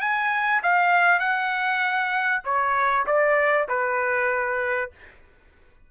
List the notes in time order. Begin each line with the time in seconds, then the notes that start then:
0.00 G#5
0.62 F5
1.19 F#5
2.44 C#5
3.06 D5
3.68 B4